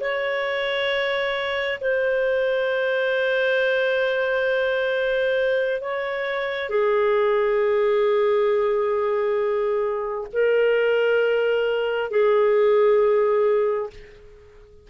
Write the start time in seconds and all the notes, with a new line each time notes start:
0.00 C#5
1.80 C5
5.80 C#5
6.69 G#4
10.33 A#4
12.11 G#4